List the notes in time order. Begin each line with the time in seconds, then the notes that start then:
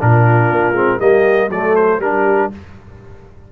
0.00 A#2 D4 F4 A#4
0.51 A#3
0.72 G#3 C4
1.00 G3 A#3 G4 D#5
1.49 F#3 A3 A4 D5
1.76 C5
1.99 G3 D4 G4 A#4